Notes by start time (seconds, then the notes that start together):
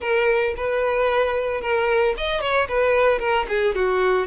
0.00 A#4
0.56 B4
1.61 A#4
2.17 D#5
2.41 C#5
2.68 B4
3.19 A#4
3.48 G#4
3.75 F#4